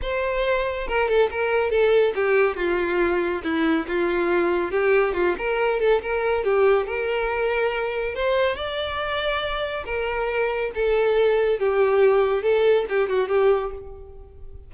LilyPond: \new Staff \with { instrumentName = "violin" } { \time 4/4 \tempo 4 = 140 c''2 ais'8 a'8 ais'4 | a'4 g'4 f'2 | e'4 f'2 g'4 | f'8 ais'4 a'8 ais'4 g'4 |
ais'2. c''4 | d''2. ais'4~ | ais'4 a'2 g'4~ | g'4 a'4 g'8 fis'8 g'4 | }